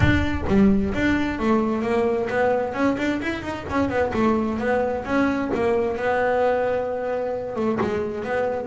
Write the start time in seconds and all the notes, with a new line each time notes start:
0.00 D4
0.47 G3
0.94 D4
1.39 A3
1.82 A#3
2.29 B3
2.73 C#4
2.97 D4
3.22 E4
3.42 D#4
3.69 C#4
3.89 B3
4.13 A3
4.58 B3
5.04 C#4
5.54 A#3
5.96 B3
7.55 A3
7.80 G#3
8.24 B3